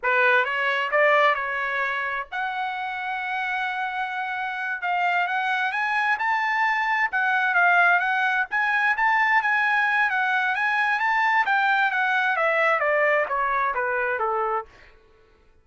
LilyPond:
\new Staff \with { instrumentName = "trumpet" } { \time 4/4 \tempo 4 = 131 b'4 cis''4 d''4 cis''4~ | cis''4 fis''2.~ | fis''2~ fis''8 f''4 fis''8~ | fis''8 gis''4 a''2 fis''8~ |
fis''8 f''4 fis''4 gis''4 a''8~ | a''8 gis''4. fis''4 gis''4 | a''4 g''4 fis''4 e''4 | d''4 cis''4 b'4 a'4 | }